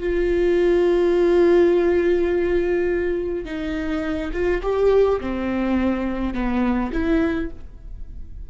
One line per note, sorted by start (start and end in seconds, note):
0.00 3.45 F4
3.45 4.32 D#4
4.33 4.62 F4
4.63 5.20 G4
5.21 6.34 C4
6.34 6.92 B3
6.93 7.51 E4